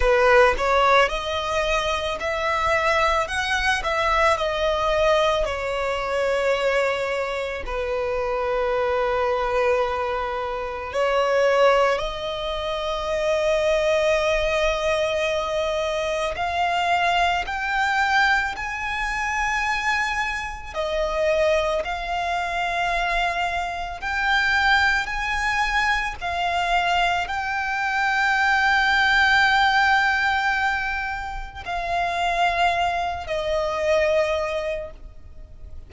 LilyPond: \new Staff \with { instrumentName = "violin" } { \time 4/4 \tempo 4 = 55 b'8 cis''8 dis''4 e''4 fis''8 e''8 | dis''4 cis''2 b'4~ | b'2 cis''4 dis''4~ | dis''2. f''4 |
g''4 gis''2 dis''4 | f''2 g''4 gis''4 | f''4 g''2.~ | g''4 f''4. dis''4. | }